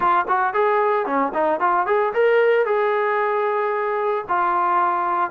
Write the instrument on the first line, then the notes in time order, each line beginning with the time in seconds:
trombone
0.00 F4
0.28 F#4
0.53 G#4
1.06 C#4
1.34 D#4
1.59 F4
1.86 G#4
2.13 A#4
2.65 G#4
4.28 F4